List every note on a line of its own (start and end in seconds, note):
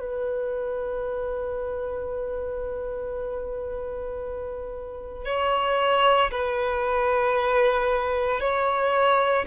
0.00 5.25 B4
5.25 6.31 C#5
6.31 8.41 B4
8.41 9.46 C#5